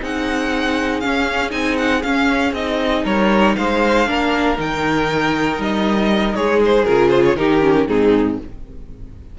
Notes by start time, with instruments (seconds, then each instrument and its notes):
0.00 cello C4, viola D#4, violin G#4 F#5
1.00 viola C#4, cello C#4, violin F5
1.50 cello C4, viola D#4, violin G#5
1.77 violin F#5
2.02 cello C#4, viola C#4, violin F5
2.53 cello C4, viola D#4, violin D#5
3.04 cello G3, violin A#4 C#5
3.56 cello G#3, violin C5 F5
4.06 cello A#3, viola D4, violin A#4
4.57 cello D#3, viola D#4, violin G5
5.58 cello G3, violin D#5
6.34 cello G#3, violin G#4 C#5
6.65 violin C5
6.85 cello C#3, viola F4, violin A#4
7.10 violin C5
7.25 violin C#5
7.35 cello D#3, viola D#4, violin G4 A#4
7.61 viola C#4
7.87 cello G#2, viola C4, violin D#4 G#4